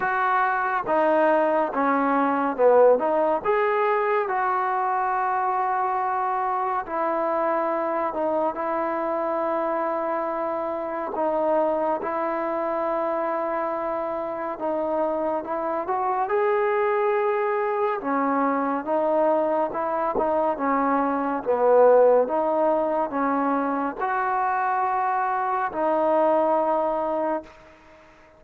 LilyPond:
\new Staff \with { instrumentName = "trombone" } { \time 4/4 \tempo 4 = 70 fis'4 dis'4 cis'4 b8 dis'8 | gis'4 fis'2. | e'4. dis'8 e'2~ | e'4 dis'4 e'2~ |
e'4 dis'4 e'8 fis'8 gis'4~ | gis'4 cis'4 dis'4 e'8 dis'8 | cis'4 b4 dis'4 cis'4 | fis'2 dis'2 | }